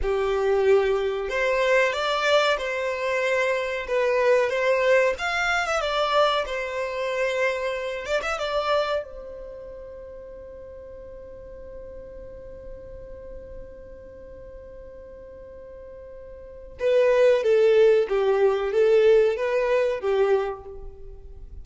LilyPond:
\new Staff \with { instrumentName = "violin" } { \time 4/4 \tempo 4 = 93 g'2 c''4 d''4 | c''2 b'4 c''4 | f''8. e''16 d''4 c''2~ | c''8 d''16 e''16 d''4 c''2~ |
c''1~ | c''1~ | c''2 b'4 a'4 | g'4 a'4 b'4 g'4 | }